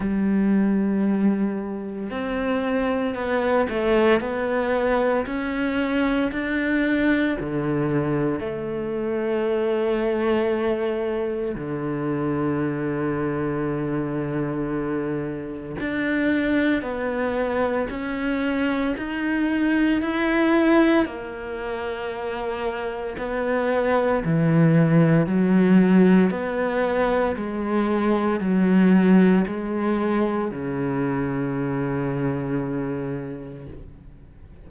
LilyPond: \new Staff \with { instrumentName = "cello" } { \time 4/4 \tempo 4 = 57 g2 c'4 b8 a8 | b4 cis'4 d'4 d4 | a2. d4~ | d2. d'4 |
b4 cis'4 dis'4 e'4 | ais2 b4 e4 | fis4 b4 gis4 fis4 | gis4 cis2. | }